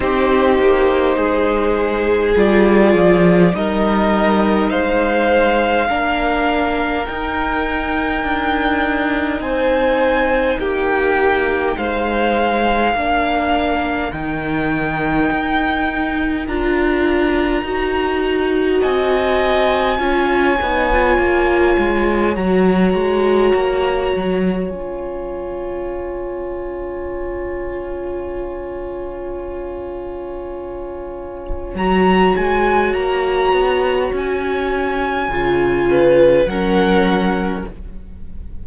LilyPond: <<
  \new Staff \with { instrumentName = "violin" } { \time 4/4 \tempo 4 = 51 c''2 d''4 dis''4 | f''2 g''2 | gis''4 g''4 f''2 | g''2 ais''2 |
gis''2. ais''4~ | ais''4 gis''2.~ | gis''2. ais''8 gis''8 | ais''4 gis''2 fis''4 | }
  \new Staff \with { instrumentName = "violin" } { \time 4/4 g'4 gis'2 ais'4 | c''4 ais'2. | c''4 g'4 c''4 ais'4~ | ais'1 |
dis''4 cis''2.~ | cis''1~ | cis''1~ | cis''2~ cis''8 b'8 ais'4 | }
  \new Staff \with { instrumentName = "viola" } { \time 4/4 dis'2 f'4 dis'4~ | dis'4 d'4 dis'2~ | dis'2. d'4 | dis'2 f'4 fis'4~ |
fis'4 f'8 dis'16 f'4~ f'16 fis'4~ | fis'4 f'2.~ | f'2. fis'4~ | fis'2 f'4 cis'4 | }
  \new Staff \with { instrumentName = "cello" } { \time 4/4 c'8 ais8 gis4 g8 f8 g4 | gis4 ais4 dis'4 d'4 | c'4 ais4 gis4 ais4 | dis4 dis'4 d'4 dis'4 |
c'4 cis'8 b8 ais8 gis8 fis8 gis8 | ais8 fis8 cis'2.~ | cis'2. fis8 gis8 | ais8 b8 cis'4 cis4 fis4 | }
>>